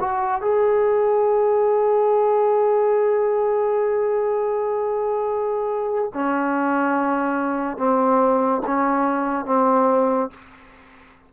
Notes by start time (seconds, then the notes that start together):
0.00 F#4
0.42 G#4
6.14 C#4
7.78 C4
8.67 C#4
9.46 C4